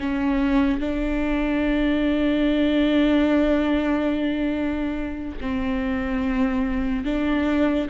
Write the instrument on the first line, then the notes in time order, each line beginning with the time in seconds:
viola
0.00 C#4
0.80 D4
5.41 C4
7.05 D4